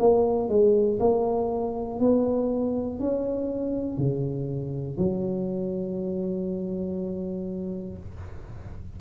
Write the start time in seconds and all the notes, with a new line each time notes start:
0.00 A#3
0.49 G#3
1.00 A#3
2.00 B3
3.00 C#4
3.98 C#3
4.98 F#3